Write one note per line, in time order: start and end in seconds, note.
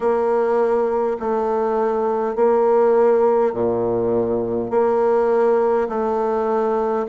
0.00 1.17 A#3
1.19 2.35 A3
2.35 3.53 A#3
3.53 4.70 A#2
4.70 5.88 A#3
5.88 7.06 A3